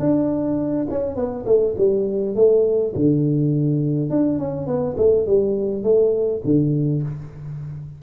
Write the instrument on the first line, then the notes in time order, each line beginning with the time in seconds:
tuba
0.00 D4
0.91 C#4
1.16 B3
1.46 A3
1.78 G3
2.36 A3
2.95 D3
4.10 D4
4.39 C#4
4.67 B3
4.98 A3
5.27 G3
5.84 A3
6.45 D3